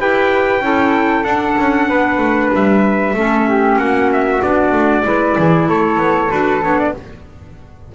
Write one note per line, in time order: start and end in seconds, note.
0.00 0.61 E4
0.00 0.63 G4
0.00 0.63 B4
0.00 1.24 G5
0.61 1.24 C#4
0.61 1.25 E4
0.61 1.89 A4
1.24 3.14 D4
1.24 1.57 D4
1.24 2.51 F#5
1.58 1.90 C#4
1.89 2.18 B3
1.89 3.16 B4
2.18 2.50 A3
2.54 3.14 G3
2.54 3.79 E5
3.14 3.78 A3
3.14 4.44 C#4
3.14 3.48 A4
3.49 3.79 G4
3.78 4.41 A#3
3.78 5.06 F#4
3.78 4.11 F#5
4.13 4.43 E5
4.43 4.72 B3
4.43 5.04 D4
4.43 5.69 D5
4.72 5.04 A3
5.04 5.37 G#3
5.04 6.30 E4
5.04 5.37 B4
5.37 5.69 E3
5.37 5.68 G#4
5.69 5.98 A3
5.69 6.95 A4
5.69 6.31 C#5
5.98 6.29 B3
6.30 6.63 D4
6.30 6.62 F#4
6.30 6.63 B4
6.63 6.95 B3
6.63 6.94 D4
6.63 6.79 C#5
6.79 6.95 D5